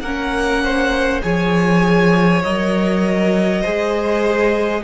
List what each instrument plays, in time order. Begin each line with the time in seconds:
0.00 cello A#3, viola C#4, violin A#4 F#5
0.63 violin C5
1.22 cello F3, viola G#4, violin C#5 G#5
2.43 cello F#3, viola A#4, violin D#5
3.61 cello G#3, viola G#4, violin C5